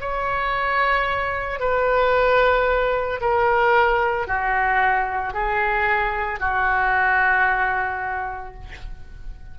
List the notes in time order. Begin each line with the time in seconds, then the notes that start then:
0.00 C#5
1.59 B4
3.20 A#4
4.27 F#4
5.33 G#4
6.39 F#4